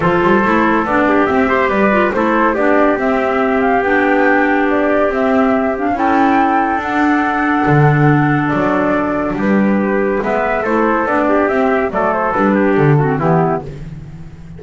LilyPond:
<<
  \new Staff \with { instrumentName = "flute" } { \time 4/4 \tempo 4 = 141 c''2 d''4 e''4 | d''4 c''4 d''4 e''4~ | e''8 f''8 g''2 d''4 | e''4. f''8 g''2 |
fis''1 | d''2 b'2 | e''4 c''4 d''4 e''4 | d''8 c''8 b'4 a'4 g'4 | }
  \new Staff \with { instrumentName = "trumpet" } { \time 4/4 a'2~ a'8 g'4 c''8 | b'4 a'4 g'2~ | g'1~ | g'2 a'2~ |
a'1~ | a'2 g'2 | b'4 a'4. g'4. | a'4. g'4 fis'8 e'4 | }
  \new Staff \with { instrumentName = "clarinet" } { \time 4/4 f'4 e'4 d'4 c'8 g'8~ | g'8 f'8 e'4 d'4 c'4~ | c'4 d'2. | c'4. d'8 e'2 |
d'1~ | d'1 | b4 e'4 d'4 c'4 | a4 d'4. c'8 b4 | }
  \new Staff \with { instrumentName = "double bass" } { \time 4/4 f8 g8 a4 b4 c'4 | g4 a4 b4 c'4~ | c'4 b2. | c'2 cis'2 |
d'2 d2 | fis2 g2 | gis4 a4 b4 c'4 | fis4 g4 d4 e4 | }
>>